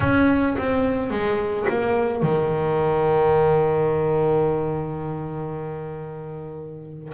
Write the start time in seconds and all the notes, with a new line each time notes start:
0.00 C#4
0.57 C4
1.10 G#3
1.69 A#3
2.22 D#3